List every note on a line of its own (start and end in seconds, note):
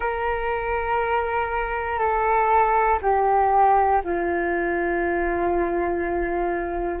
0.00 1.99 A#4
1.99 2.99 A4
3.01 4.01 G4
4.04 7.00 F4